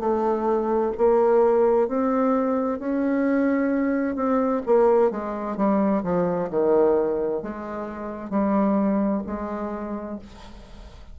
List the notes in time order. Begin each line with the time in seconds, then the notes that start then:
0.00 A3
0.98 A#3
1.88 C4
2.79 C#4
4.16 C4
4.66 A#3
5.11 G#3
5.57 G3
6.03 F3
6.50 D#3
7.42 G#3
8.30 G3
9.26 G#3